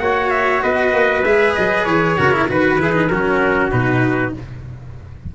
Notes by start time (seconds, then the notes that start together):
0.00 A#3 F#4 C#5 F#5
0.31 E5
0.62 B3 B4 D#5
0.94 A#3
1.23 G#3 G#4 E5
1.55 F#3 D#5
1.85 E3 C#5
2.18 C#3 F#4 A#4
2.32 E4
2.48 D#3 F#4 B4
2.79 E3 E4 G#4
2.93 D#4
3.08 F#3 C#4 F#4 A#4
3.71 B2 D#4 B4